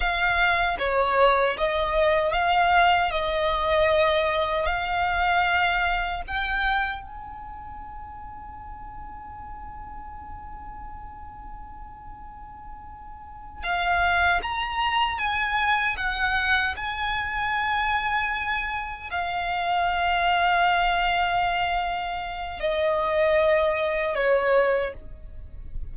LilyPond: \new Staff \with { instrumentName = "violin" } { \time 4/4 \tempo 4 = 77 f''4 cis''4 dis''4 f''4 | dis''2 f''2 | g''4 gis''2.~ | gis''1~ |
gis''4. f''4 ais''4 gis''8~ | gis''8 fis''4 gis''2~ gis''8~ | gis''8 f''2.~ f''8~ | f''4 dis''2 cis''4 | }